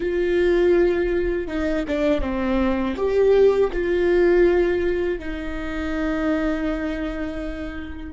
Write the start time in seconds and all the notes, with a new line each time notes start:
0.00 F4
1.47 D#4
1.87 D4
2.21 C4
2.96 G4
3.72 F4
5.19 D#4